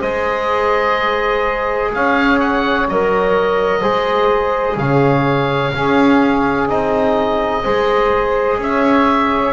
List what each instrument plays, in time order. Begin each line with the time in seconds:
0.00 double bass G#3, trombone G#4, saxophone C5, oboe D#5
1.94 double bass C#4, saxophone C#5, oboe F5
2.40 oboe F#5
2.89 double bass F#3, trombone A#4, oboe D#5
3.80 double bass G#3, trombone G#4, saxophone C5
4.77 double bass C#3, saxophone C#5, oboe F5
5.73 double bass C#4, trombone C#4, saxophone G#4
6.68 double bass C4, trombone D#4, oboe D#5
7.63 double bass G#3, trombone G#4, saxophone C5
8.58 double bass C#4, saxophone C#5, oboe E5